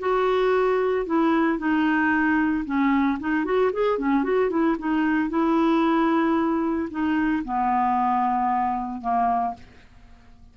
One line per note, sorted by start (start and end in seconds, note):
0.00 1.06 F#4
1.06 1.59 E4
1.59 2.65 D#4
2.65 3.19 C#4
3.20 3.45 D#4
3.45 3.71 F#4
3.73 3.98 G#4
3.98 4.24 C#4
4.24 4.50 F#4
4.50 4.77 E4
4.79 5.30 D#4
5.30 6.89 E4
6.91 7.44 D#4
7.45 9.01 B3
9.01 9.54 A#3